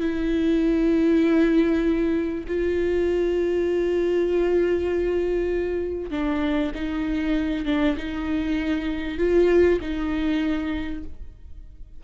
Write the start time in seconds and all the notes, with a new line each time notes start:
0.00 E4
2.47 F4
6.11 D4
6.75 D#4
7.66 D4
7.97 D#4
9.18 F4
9.81 D#4